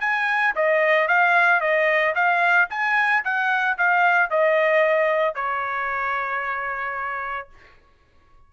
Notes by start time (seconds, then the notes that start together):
0.00 G#5
0.55 D#5
1.07 F5
1.60 D#5
2.15 F5
2.69 G#5
3.24 F#5
3.78 F5
4.30 D#5
5.34 C#5